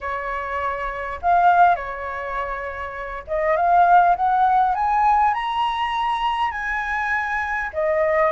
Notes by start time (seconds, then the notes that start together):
0.01 C#5
1.22 F5
1.75 C#5
3.27 D#5
3.56 F5
4.16 F#5
4.74 G#5
5.33 A#5
6.51 G#5
7.73 D#5